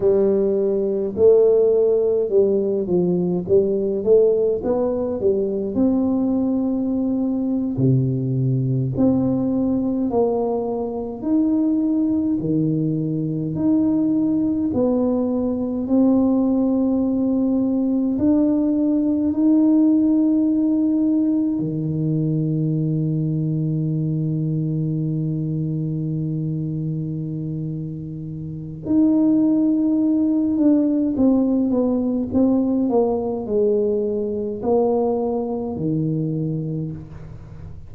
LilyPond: \new Staff \with { instrumentName = "tuba" } { \time 4/4 \tempo 4 = 52 g4 a4 g8 f8 g8 a8 | b8 g8 c'4.~ c'16 c4 c'16~ | c'8. ais4 dis'4 dis4 dis'16~ | dis'8. b4 c'2 d'16~ |
d'8. dis'2 dis4~ dis16~ | dis1~ | dis4 dis'4. d'8 c'8 b8 | c'8 ais8 gis4 ais4 dis4 | }